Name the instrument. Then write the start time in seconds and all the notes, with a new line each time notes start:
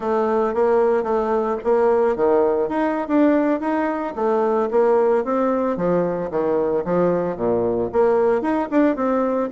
bassoon
0.00 A3
0.54 A#3
1.03 A3
1.64 A#3
2.16 D#3
2.68 D#4
3.08 D4
3.60 D#4
4.15 A3
4.70 A#3
5.24 C4
5.76 F3
6.30 D#3
6.84 F3
7.36 A#2
7.92 A#3
8.41 D#4
8.71 D4
8.96 C4